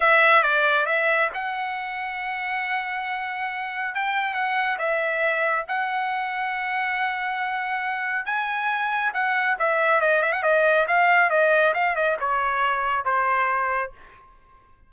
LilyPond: \new Staff \with { instrumentName = "trumpet" } { \time 4/4 \tempo 4 = 138 e''4 d''4 e''4 fis''4~ | fis''1~ | fis''4 g''4 fis''4 e''4~ | e''4 fis''2.~ |
fis''2. gis''4~ | gis''4 fis''4 e''4 dis''8 e''16 fis''16 | dis''4 f''4 dis''4 f''8 dis''8 | cis''2 c''2 | }